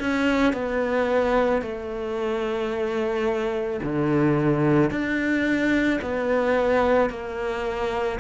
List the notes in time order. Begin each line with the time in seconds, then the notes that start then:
0.00 C#4
0.53 B3
1.62 A3
3.83 D3
4.91 D4
6.01 B3
7.10 A#3